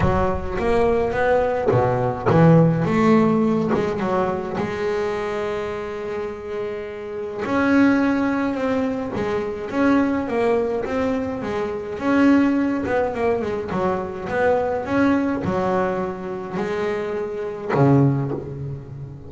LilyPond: \new Staff \with { instrumentName = "double bass" } { \time 4/4 \tempo 4 = 105 fis4 ais4 b4 b,4 | e4 a4. gis8 fis4 | gis1~ | gis4 cis'2 c'4 |
gis4 cis'4 ais4 c'4 | gis4 cis'4. b8 ais8 gis8 | fis4 b4 cis'4 fis4~ | fis4 gis2 cis4 | }